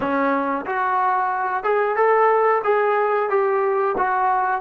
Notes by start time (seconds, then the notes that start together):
0.00 C#4
0.66 F#4
1.63 G#4
1.96 A4
2.64 G#4
3.29 G4
3.97 F#4